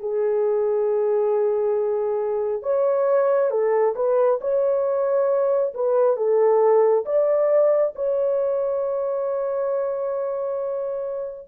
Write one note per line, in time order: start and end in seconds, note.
0.00 2.63 G#4
2.63 3.51 C#5
3.51 3.95 A4
3.96 4.40 B4
4.42 5.74 C#5
5.74 6.17 B4
6.17 7.05 A4
7.06 7.94 D5
7.96 11.49 C#5